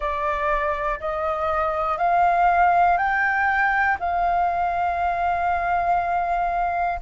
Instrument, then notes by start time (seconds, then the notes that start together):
flute
0.00 D5
1.00 D#5
1.97 F5
2.97 G5
4.00 F5